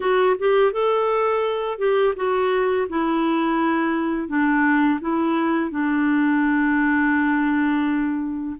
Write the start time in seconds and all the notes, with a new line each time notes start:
0.00 F#4
0.39 G4
0.72 A4
1.78 G4
2.16 F#4
2.89 E4
4.28 D4
5.00 E4
5.70 D4